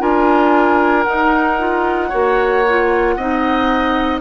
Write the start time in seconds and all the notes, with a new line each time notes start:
0.00 D4 F4 A#4 G#5
1.04 D#4 F#5
1.59 F4
2.09 A#3 F#4 C#5
2.69 F4
3.17 C4 D#4 D#5